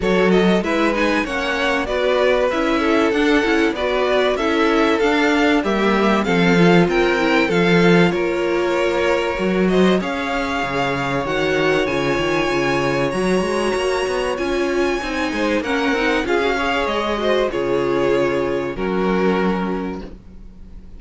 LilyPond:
<<
  \new Staff \with { instrumentName = "violin" } { \time 4/4 \tempo 4 = 96 cis''8 dis''8 e''8 gis''8 fis''4 d''4 | e''4 fis''4 d''4 e''4 | f''4 e''4 f''4 g''4 | f''4 cis''2~ cis''8 dis''8 |
f''2 fis''4 gis''4~ | gis''4 ais''2 gis''4~ | gis''4 fis''4 f''4 dis''4 | cis''2 ais'2 | }
  \new Staff \with { instrumentName = "violin" } { \time 4/4 a'4 b'4 cis''4 b'4~ | b'8 a'4. b'4 a'4~ | a'4 g'4 a'4 ais'4 | a'4 ais'2~ ais'8 c''8 |
cis''1~ | cis''1~ | cis''8 c''8 ais'4 gis'8 cis''4 c''8 | gis'2 fis'2 | }
  \new Staff \with { instrumentName = "viola" } { \time 4/4 fis'4 e'8 dis'8 cis'4 fis'4 | e'4 d'8 e'8 fis'4 e'4 | d'4 ais4 c'8 f'4 e'8 | f'2. fis'4 |
gis'2 fis'4 f'4~ | f'4 fis'2 f'4 | dis'4 cis'8 dis'8 f'16 fis'16 gis'4 fis'8 | f'2 cis'2 | }
  \new Staff \with { instrumentName = "cello" } { \time 4/4 fis4 gis4 ais4 b4 | cis'4 d'8 cis'8 b4 cis'4 | d'4 g4 f4 c'4 | f4 ais2 fis4 |
cis'4 cis4 dis4 cis8 dis8 | cis4 fis8 gis8 ais8 b8 cis'4 | c'8 gis8 ais8 c'8 cis'4 gis4 | cis2 fis2 | }
>>